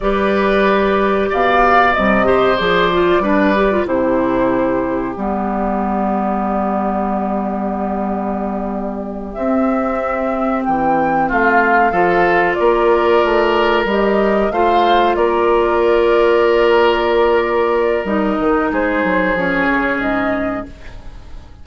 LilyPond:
<<
  \new Staff \with { instrumentName = "flute" } { \time 4/4 \tempo 4 = 93 d''2 f''4 dis''4 | d''2 c''2 | d''1~ | d''2~ d''8 e''4.~ |
e''8 g''4 f''2 d''8~ | d''4. dis''4 f''4 d''8~ | d''1 | dis''4 c''4 cis''4 dis''4 | }
  \new Staff \with { instrumentName = "oboe" } { \time 4/4 b'2 d''4. c''8~ | c''4 b'4 g'2~ | g'1~ | g'1~ |
g'4. f'4 a'4 ais'8~ | ais'2~ ais'8 c''4 ais'8~ | ais'1~ | ais'4 gis'2. | }
  \new Staff \with { instrumentName = "clarinet" } { \time 4/4 g'2. g8 g'8 | gis'8 f'8 d'8 g'16 f'16 e'2 | b1~ | b2~ b8 c'4.~ |
c'2~ c'8 f'4.~ | f'4. g'4 f'4.~ | f'1 | dis'2 cis'2 | }
  \new Staff \with { instrumentName = "bassoon" } { \time 4/4 g2 b,4 c4 | f4 g4 c2 | g1~ | g2~ g8 c'4.~ |
c'8 e4 a4 f4 ais8~ | ais8 a4 g4 a4 ais8~ | ais1 | g8 dis8 gis8 fis8 f8 cis8 gis,4 | }
>>